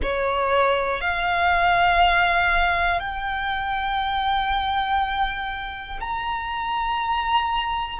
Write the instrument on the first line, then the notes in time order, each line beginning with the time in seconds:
violin
0.02 C#5
1.00 F5
2.99 G5
6.00 A#5